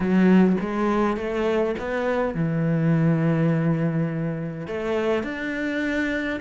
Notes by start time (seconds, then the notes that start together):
0.00 F#3
0.60 G#3
1.17 A3
1.78 B3
2.34 E3
4.67 A3
5.23 D4